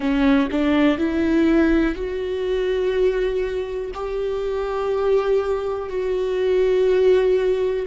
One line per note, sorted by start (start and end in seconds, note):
0.00 0.48 C#4
0.51 0.98 D4
0.98 1.94 E4
1.94 3.91 F#4
3.93 5.89 G4
5.89 7.86 F#4